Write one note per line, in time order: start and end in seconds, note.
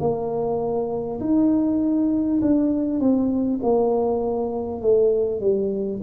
0.00 1.20 A#3
1.21 2.41 D#4
2.42 3.00 D4
3.00 3.60 C4
3.63 4.82 A#3
4.82 5.41 A3
5.41 6.01 G3